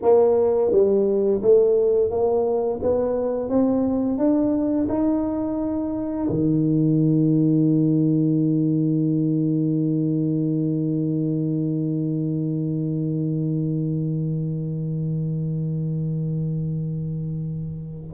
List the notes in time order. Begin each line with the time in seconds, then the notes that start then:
0.02 A#3
0.71 G3
1.42 A3
2.10 A#3
2.82 B3
3.49 C4
4.17 D4
4.88 D#4
6.29 D#3